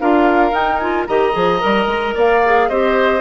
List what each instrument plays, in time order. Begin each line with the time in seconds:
0.00 bassoon D4, clarinet F4, oboe A#4, flute F5
0.52 clarinet D#4, bassoon D#4, flute G5
0.77 clarinet F4, flute G#5
1.07 bassoon D#3, clarinet G4, oboe D#5, flute A#5
1.32 bassoon F3, clarinet G#4
1.60 bassoon G3, clarinet A#4
1.86 bassoon G#3
2.15 bassoon A#3, oboe D5, flute F5
2.45 clarinet G#4
2.69 bassoon C4, clarinet G4, oboe C5, flute D#5